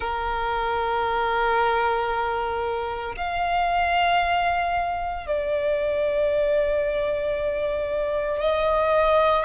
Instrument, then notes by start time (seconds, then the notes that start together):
violin
0.00 A#4
3.16 F5
5.26 D5
8.41 D#5